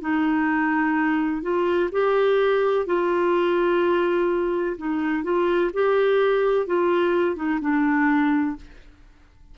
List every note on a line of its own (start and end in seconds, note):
0.00 1.42 D#4
1.42 1.90 F4
1.92 2.86 G4
2.86 4.76 F4
4.77 5.23 D#4
5.23 5.71 F4
5.73 6.66 G4
6.66 7.35 F4
7.35 7.59 D#4
7.61 8.56 D4